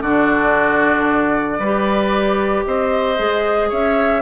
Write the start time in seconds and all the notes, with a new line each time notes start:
0.00 D3 D4 F#4 D5
1.58 G3 G4 B4
2.65 C4 C5 D#5
3.17 G#3 G#4
3.69 C#4 C#5 E5